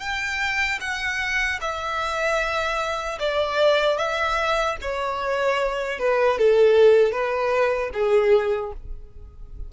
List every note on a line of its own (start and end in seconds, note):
0.00 0.79 G5
0.80 1.59 F#5
1.61 3.19 E5
3.19 3.98 D5
3.98 4.77 E5
4.81 5.99 C#5
5.99 6.38 B4
6.38 7.12 A4
7.12 7.91 B4
7.93 8.72 G#4